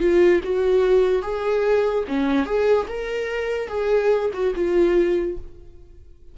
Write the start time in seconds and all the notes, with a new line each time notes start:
0.00 F4
0.43 F#4
1.22 G#4
2.08 C#4
2.46 G#4
2.88 A#4
3.68 G#4
4.33 F#4
4.55 F4